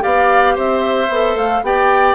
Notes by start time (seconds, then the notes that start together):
0.00 B3 G4 D5 F5
0.55 C4 C5 E5
1.08 B3 A4
1.35 A3 F5
1.62 B3 G4 D5 G5